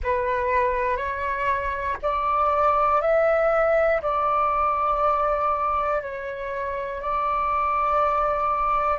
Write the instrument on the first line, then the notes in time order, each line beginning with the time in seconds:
flute
0.03 B4
0.96 C#5
2.02 D5
3.01 E5
4.01 D5
6.02 C#5
7.01 D5